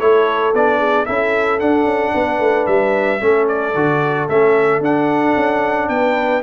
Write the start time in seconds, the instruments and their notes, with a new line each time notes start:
0.00 tuba A3, trombone E4, horn A4, trumpet C#5
0.54 tuba B3, trombone D4, trumpet D5
0.79 horn G#4
1.06 tuba C#4, trombone E4, horn A4, trumpet E5
1.60 trombone D4, tuba D4, trumpet F#5
1.85 tuba C#4
2.15 tuba B3, horn B4
2.40 tuba A3
2.67 tuba G3, trumpet E5
3.20 tuba A3, trombone C#4, horn A4
3.49 trumpet D5
3.75 tuba D3, trombone F#4
4.29 tuba A3, trombone C#4, trumpet E5
4.81 tuba D4, trombone D4, trumpet F#5
5.37 tuba C#4
5.89 tuba B3, horn B4, trumpet G5